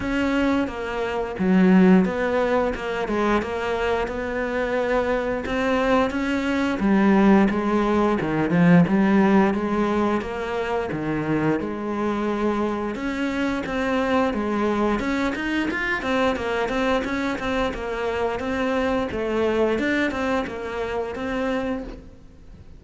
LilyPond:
\new Staff \with { instrumentName = "cello" } { \time 4/4 \tempo 4 = 88 cis'4 ais4 fis4 b4 | ais8 gis8 ais4 b2 | c'4 cis'4 g4 gis4 | dis8 f8 g4 gis4 ais4 |
dis4 gis2 cis'4 | c'4 gis4 cis'8 dis'8 f'8 c'8 | ais8 c'8 cis'8 c'8 ais4 c'4 | a4 d'8 c'8 ais4 c'4 | }